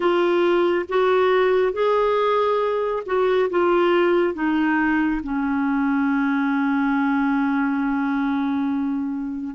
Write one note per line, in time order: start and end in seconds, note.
0.00 0.85 F4
0.89 1.72 F#4
1.72 3.03 G#4
3.06 3.49 F#4
3.50 4.34 F4
4.34 5.21 D#4
5.23 9.55 C#4